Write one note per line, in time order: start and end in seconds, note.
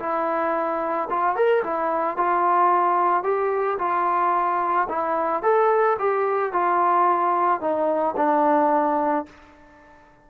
0.00 1.09 E4
1.10 1.36 F4
1.36 1.64 A#4
1.64 2.17 E4
2.17 3.24 F4
3.24 3.78 G4
3.79 4.88 F4
4.89 5.43 E4
5.43 5.98 A4
6.00 6.53 G4
6.53 7.61 F4
7.61 8.15 D#4
8.17 9.26 D4